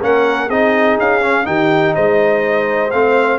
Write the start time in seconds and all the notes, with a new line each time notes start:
0.00 A#3 C#4 A#4 F#5
0.48 C4 D#4 G#4 D#5
0.99 C#4 F5
1.22 C#4
1.45 D#3 D#4 G4 G5
1.95 G#3 C5 D#5
2.91 A3 C4 F5